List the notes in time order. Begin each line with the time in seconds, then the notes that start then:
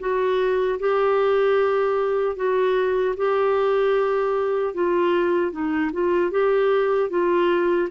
0.00 F#4
0.80 G4
2.36 F#4
3.17 G4
4.74 F4
5.52 D#4
5.93 F4
6.31 G4
7.10 F4